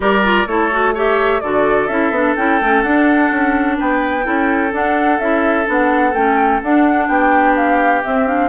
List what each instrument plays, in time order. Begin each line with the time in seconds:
0.00 bassoon G3, clarinet G4, oboe A#4, flute D5
0.23 clarinet F4
0.46 bassoon A3, clarinet E4, oboe A4, flute C#5
0.71 clarinet F#4
0.94 clarinet G4, oboe C#5, flute E5
1.40 bassoon D3, clarinet F#4, oboe A4, flute D5
1.87 bassoon C#4, clarinet E4, flute E5
2.10 bassoon B3, clarinet D4
2.36 bassoon C#4, clarinet E4, flute G5
2.60 bassoon A3, clarinet C#4
2.81 bassoon D4, clarinet D4, flute F#5
3.30 bassoon C#4
3.77 bassoon B3, oboe B4, flute G5
4.23 bassoon C#4, clarinet E4, oboe A4
4.72 bassoon D4, clarinet D4, flute F#5
5.19 bassoon C#4, clarinet E4, flute E5
5.65 bassoon B3, clarinet D4, flute F#5
6.13 bassoon A3, clarinet C#4, flute G5
6.62 clarinet D4, bassoon D4, flute F#5
7.07 bassoon B3, oboe G4, flute G5
7.55 flute F5
8.03 clarinet C4, bassoon C4, flute E5
8.26 clarinet D4, flute F5